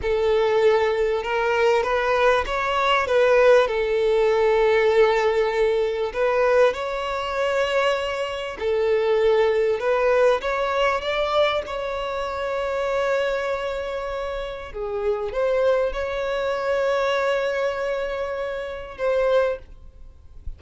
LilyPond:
\new Staff \with { instrumentName = "violin" } { \time 4/4 \tempo 4 = 98 a'2 ais'4 b'4 | cis''4 b'4 a'2~ | a'2 b'4 cis''4~ | cis''2 a'2 |
b'4 cis''4 d''4 cis''4~ | cis''1 | gis'4 c''4 cis''2~ | cis''2. c''4 | }